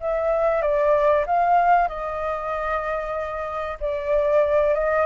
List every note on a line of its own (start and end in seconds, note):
0.00 0.61 E5
0.61 1.25 D5
1.26 1.88 F5
1.88 3.78 D#5
3.80 4.74 D5
4.74 5.05 D#5